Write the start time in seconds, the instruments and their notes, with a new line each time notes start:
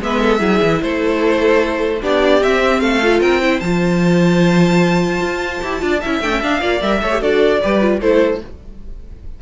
0.00 cello G#3, viola B3, violin B4 E5
0.20 violin A4
0.39 cello F#3, viola E4, violin G#4
0.62 cello E3
0.82 cello A3, violin A4 C5
2.01 cello B3, viola D4, violin G4 D5
2.43 cello C4, viola C4, violin E5
2.80 cello A3, violin A4 F5
3.02 viola F4
3.21 cello C4, violin A#4 G5
3.41 viola E4, violin C5
3.60 cello F3, viola F4, violin A5
5.21 cello F4
5.62 cello E4, viola G4
5.79 cello D4, viola F4, violin D5
6.01 cello C#4, viola E4, violin E5
6.20 cello A3, viola D4, violin G5
6.31 viola C#4
6.42 cello D4, viola D4, violin F5
6.61 cello A#3, viola F4, violin D5
6.81 cello G3, viola A#4, violin E5
7.02 cello A3, viola A4, violin C#5
7.11 viola G4
7.20 cello D4, viola F#4, violin A4 D5
7.62 cello G3, viola G4, violin B4
7.81 viola F4
8.00 cello A3, viola E4, violin A4 C5